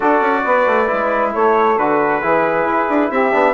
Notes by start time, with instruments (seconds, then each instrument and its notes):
0.00 bassoon D4, trombone F#4, saxophone A4, trumpet D5
0.20 bassoon C#4
0.44 bassoon B3, saxophone B4
0.66 bassoon A3
0.87 bassoon G#3, trombone E4
1.33 bassoon A3, saxophone A4, trumpet C#5
1.77 bassoon D3, trombone F#4, trumpet B4
2.20 bassoon E3, trombone E4, saxophone G#4
2.64 bassoon E4
2.89 bassoon D4
3.10 bassoon C4, saxophone G4, trumpet E5
3.31 bassoon B3, trombone D4